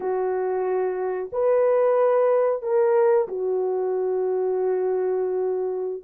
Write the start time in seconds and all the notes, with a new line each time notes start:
0.00 F#4
1.32 B4
2.62 A#4
3.28 F#4